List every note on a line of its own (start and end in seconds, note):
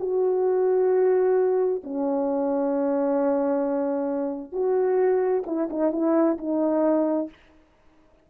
0.00 1.82 F#4
1.84 4.52 C#4
4.52 5.43 F#4
5.46 5.69 E4
5.70 5.92 D#4
5.92 6.38 E4
6.38 7.29 D#4